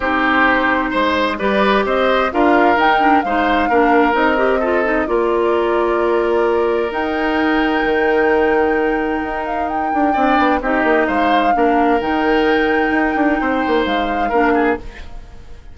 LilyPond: <<
  \new Staff \with { instrumentName = "flute" } { \time 4/4 \tempo 4 = 130 c''2. d''4 | dis''4 f''4 g''4 f''4~ | f''4 dis''2 d''4~ | d''2. g''4~ |
g''1~ | g''8 f''8 g''2 dis''4 | f''2 g''2~ | g''2 f''2 | }
  \new Staff \with { instrumentName = "oboe" } { \time 4/4 g'2 c''4 b'4 | c''4 ais'2 c''4 | ais'2 a'4 ais'4~ | ais'1~ |
ais'1~ | ais'2 d''4 g'4 | c''4 ais'2.~ | ais'4 c''2 ais'8 gis'8 | }
  \new Staff \with { instrumentName = "clarinet" } { \time 4/4 dis'2. g'4~ | g'4 f'4 dis'8 d'8 dis'4 | d'4 dis'8 g'8 f'8 dis'8 f'4~ | f'2. dis'4~ |
dis'1~ | dis'2 d'4 dis'4~ | dis'4 d'4 dis'2~ | dis'2. d'4 | }
  \new Staff \with { instrumentName = "bassoon" } { \time 4/4 c'2 gis4 g4 | c'4 d'4 dis'4 gis4 | ais4 c'2 ais4~ | ais2. dis'4~ |
dis'4 dis2. | dis'4. d'8 c'8 b8 c'8 ais8 | gis4 ais4 dis2 | dis'8 d'8 c'8 ais8 gis4 ais4 | }
>>